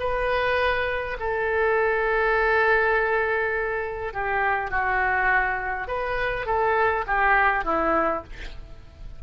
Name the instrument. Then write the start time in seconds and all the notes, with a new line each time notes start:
oboe
0.00 B4
1.20 A4
4.14 G4
4.71 F#4
5.88 B4
6.47 A4
7.07 G4
7.65 E4